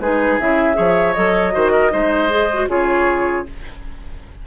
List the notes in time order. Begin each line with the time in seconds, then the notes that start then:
0.00 G#3 D#4 G#4 B4
0.40 C#3 E4 E5
0.75 F3 G#4 C#5
1.14 F#3 A4 D#5
1.53 D#3 F#4 C5
1.72 A#4
1.91 G#3 D#4 C5
2.30 G#4
2.54 F#4
2.69 C#3 F4 G#4 C#5